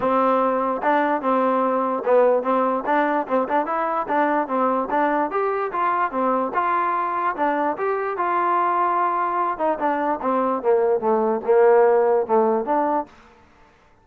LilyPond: \new Staff \with { instrumentName = "trombone" } { \time 4/4 \tempo 4 = 147 c'2 d'4 c'4~ | c'4 b4 c'4 d'4 | c'8 d'8 e'4 d'4 c'4 | d'4 g'4 f'4 c'4 |
f'2 d'4 g'4 | f'2.~ f'8 dis'8 | d'4 c'4 ais4 a4 | ais2 a4 d'4 | }